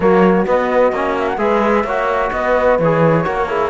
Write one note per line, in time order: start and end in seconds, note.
0.00 0.46 F#3
0.00 0.46 A#3
0.00 1.39 F#4
0.00 0.46 C#5
0.46 0.92 B3
0.46 1.17 D#5
0.92 1.37 A#3
0.92 1.38 C#4
1.18 1.27 E5
1.27 1.38 F#5
1.37 1.84 G#3
1.37 1.84 G#4
1.37 1.84 B4
1.37 2.31 E5
1.84 2.30 A#3
1.84 2.80 F#4
1.84 2.30 C#5
2.31 2.78 B3
2.31 3.25 B4
2.31 2.78 D#5
2.79 3.25 E3
2.79 3.24 G#4
2.79 3.70 C#5
3.24 3.70 A#3
3.24 3.47 F#4
3.24 3.48 A#4
3.48 3.70 E4
3.48 3.70 G#4